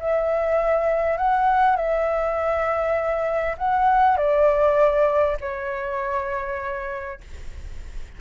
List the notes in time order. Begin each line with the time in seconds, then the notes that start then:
0.00 E5
1.18 F#5
1.76 E5
3.58 F#5
4.17 D5
5.41 C#5